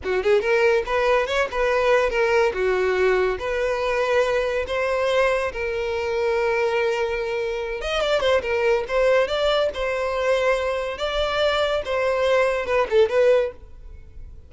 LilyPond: \new Staff \with { instrumentName = "violin" } { \time 4/4 \tempo 4 = 142 fis'8 gis'8 ais'4 b'4 cis''8 b'8~ | b'4 ais'4 fis'2 | b'2. c''4~ | c''4 ais'2.~ |
ais'2~ ais'8 dis''8 d''8 c''8 | ais'4 c''4 d''4 c''4~ | c''2 d''2 | c''2 b'8 a'8 b'4 | }